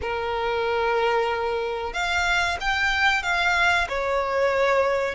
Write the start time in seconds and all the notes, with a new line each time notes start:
0.01 A#4
1.93 F5
2.60 G5
3.23 F5
3.89 C#5